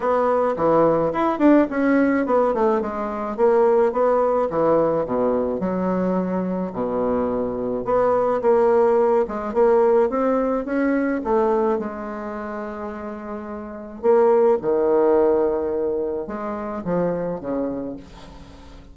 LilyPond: \new Staff \with { instrumentName = "bassoon" } { \time 4/4 \tempo 4 = 107 b4 e4 e'8 d'8 cis'4 | b8 a8 gis4 ais4 b4 | e4 b,4 fis2 | b,2 b4 ais4~ |
ais8 gis8 ais4 c'4 cis'4 | a4 gis2.~ | gis4 ais4 dis2~ | dis4 gis4 f4 cis4 | }